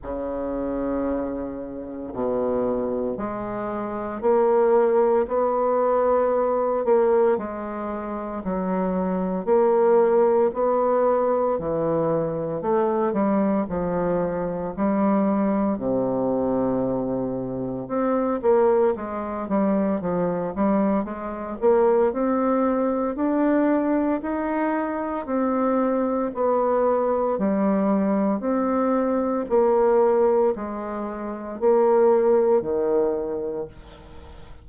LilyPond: \new Staff \with { instrumentName = "bassoon" } { \time 4/4 \tempo 4 = 57 cis2 b,4 gis4 | ais4 b4. ais8 gis4 | fis4 ais4 b4 e4 | a8 g8 f4 g4 c4~ |
c4 c'8 ais8 gis8 g8 f8 g8 | gis8 ais8 c'4 d'4 dis'4 | c'4 b4 g4 c'4 | ais4 gis4 ais4 dis4 | }